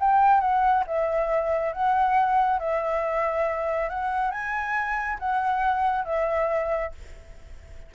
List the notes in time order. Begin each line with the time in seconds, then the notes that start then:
0.00 G5
0.41 F#5
0.87 E5
1.73 F#5
2.59 E5
3.90 F#5
4.31 G#5
5.20 F#5
6.05 E5